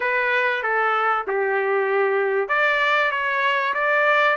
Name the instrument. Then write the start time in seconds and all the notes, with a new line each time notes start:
trumpet
0.00 B4
0.62 A4
1.27 G4
2.48 D5
3.11 C#5
3.74 D5